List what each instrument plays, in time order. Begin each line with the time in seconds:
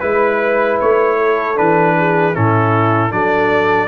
0.00 tuba G#3, trombone E4, horn B4, trumpet B4
0.81 tuba A3, trumpet C#5
1.17 horn A4
1.56 tuba E3, trombone D4, trumpet B4
1.98 horn G#4
2.35 tuba A2, trombone C#4, horn E4, trumpet A4
3.11 tuba F#3, trombone D4, horn A4, trumpet D5